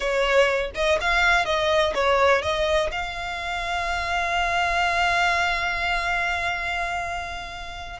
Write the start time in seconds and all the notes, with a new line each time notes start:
0.00 C#5
0.74 D#5
1.00 F5
1.45 D#5
1.94 C#5
2.42 D#5
2.91 F5